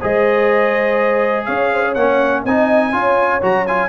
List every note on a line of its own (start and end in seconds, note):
0.00 1.49 G#3
0.00 1.96 G#4
0.00 1.46 C5
0.00 1.45 D#5
1.45 1.97 C#4
1.45 1.71 C#5
1.45 1.94 F5
1.74 1.82 C5
1.82 2.43 C#5
1.95 2.45 A#3
1.95 2.47 C#4
1.95 2.43 F#5
2.45 2.93 C4
2.45 2.92 D#4
2.45 2.94 D#5
2.45 3.43 G#5
2.92 3.42 C#4
2.92 3.41 F4
2.92 3.89 C#5
3.42 3.89 F#3
3.42 3.66 F#4
3.42 3.67 A#5
3.67 3.89 F4
3.67 3.89 G#5